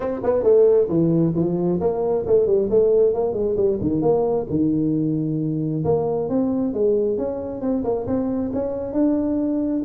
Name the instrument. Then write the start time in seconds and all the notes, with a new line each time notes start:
tuba
0.00 C4
0.23 B3
0.43 A3
0.89 E3
1.35 F3
1.80 A#3
2.26 A3
2.46 G3
2.70 A3
3.13 A#3
3.33 G#3
3.56 G3
3.80 D#3
4.01 A#3
4.49 D#3
5.84 A#3
6.29 C4
6.73 G#3
7.17 C#4
7.61 C4
7.84 A#3
8.07 C4
8.53 C#4
8.92 D4